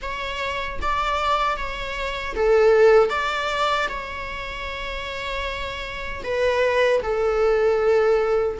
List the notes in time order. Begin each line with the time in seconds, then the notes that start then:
0.01 C#5
0.81 D5
1.56 C#5
2.35 A4
3.09 D5
3.89 C#5
6.23 B4
7.02 A4